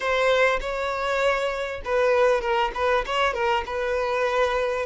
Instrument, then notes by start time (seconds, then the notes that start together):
violin
0.00 C5
0.60 C#5
1.85 B4
2.41 A#4
2.74 B4
3.06 C#5
3.33 A#4
3.66 B4